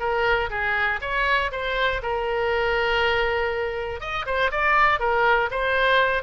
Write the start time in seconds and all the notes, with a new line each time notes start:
0.00 A#4
0.51 G#4
1.02 C#5
1.52 C5
2.03 A#4
4.01 D#5
4.26 C5
4.52 D5
5.00 A#4
5.51 C5